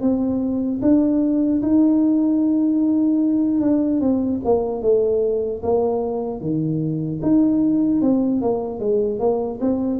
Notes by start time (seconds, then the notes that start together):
0.00 C4
0.81 D4
1.62 D#4
3.61 D4
4.00 C4
4.44 A#3
4.81 A3
5.63 A#3
6.40 D#3
7.22 D#4
8.01 C4
8.41 A#3
8.79 G#3
9.19 A#3
9.60 C4